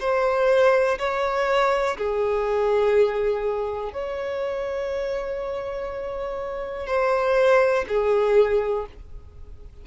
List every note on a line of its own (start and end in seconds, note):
0.00 0.98 C5
0.99 1.97 C#5
1.98 3.93 G#4
3.93 6.87 C#5
6.87 7.86 C5
7.88 8.87 G#4